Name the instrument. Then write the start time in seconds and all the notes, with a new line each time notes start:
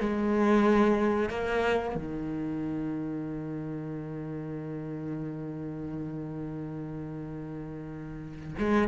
cello
0.00 G#3
1.30 A#3
1.96 D#3
8.59 G#3